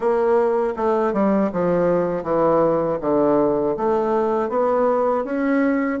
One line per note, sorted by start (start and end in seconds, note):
0.00 0.74 A#3
0.76 1.13 A3
1.13 1.50 G3
1.52 2.23 F3
2.23 2.98 E3
3.00 3.75 D3
3.76 4.49 A3
4.49 5.24 B3
5.24 5.99 C#4